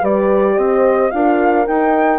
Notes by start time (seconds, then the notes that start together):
0.00 G3 G4 B4 D5
0.57 C4 C5 D#5
1.11 D4 F4 A#4 F5
1.68 D#4 G5